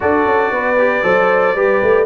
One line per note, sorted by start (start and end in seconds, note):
0.00 0.25 D4
0.00 0.76 F#4
0.00 0.52 A4
0.00 2.06 D5
0.25 0.50 C#4
0.50 1.02 B3
0.50 1.03 B4
0.78 1.03 G4
1.03 1.55 F#3
1.03 1.55 A4
1.03 1.55 C5
1.55 1.80 G3
1.55 2.06 G4
1.55 2.06 B4
1.82 2.06 A3